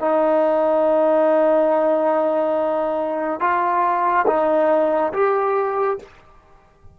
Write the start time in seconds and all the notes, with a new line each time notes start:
0.00 D#4
3.40 F4
4.27 D#4
5.13 G4